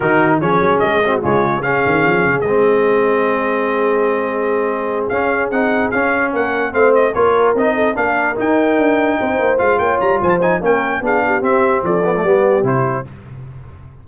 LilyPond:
<<
  \new Staff \with { instrumentName = "trumpet" } { \time 4/4 \tempo 4 = 147 ais'4 cis''4 dis''4 cis''4 | f''2 dis''2~ | dis''1~ | dis''8 f''4 fis''4 f''4 fis''8~ |
fis''8 f''8 dis''8 cis''4 dis''4 f''8~ | f''8 g''2. f''8 | g''8 ais''8 gis''16 a''16 gis''8 g''4 f''4 | e''4 d''2 c''4 | }
  \new Staff \with { instrumentName = "horn" } { \time 4/4 fis'4 gis'4. fis'8 f'4 | gis'1~ | gis'1~ | gis'2.~ gis'8 ais'8~ |
ais'8 c''4 ais'4. a'8 ais'8~ | ais'2~ ais'8 c''4. | cis''4 c''4 ais'4 gis'8 g'8~ | g'4 a'4 g'2 | }
  \new Staff \with { instrumentName = "trombone" } { \time 4/4 dis'4 cis'4. c'8 gis4 | cis'2 c'2~ | c'1~ | c'8 cis'4 dis'4 cis'4.~ |
cis'8 c'4 f'4 dis'4 d'8~ | d'8 dis'2. f'8~ | f'4. dis'8 cis'4 d'4 | c'4. b16 a16 b4 e'4 | }
  \new Staff \with { instrumentName = "tuba" } { \time 4/4 dis4 f8 fis8 gis4 cis4~ | cis8 dis8 f8 cis8 gis2~ | gis1~ | gis8 cis'4 c'4 cis'4 ais8~ |
ais8 a4 ais4 c'4 ais8~ | ais8 dis'4 d'4 c'8 ais8 gis8 | ais8 g8 f4 ais4 b4 | c'4 f4 g4 c4 | }
>>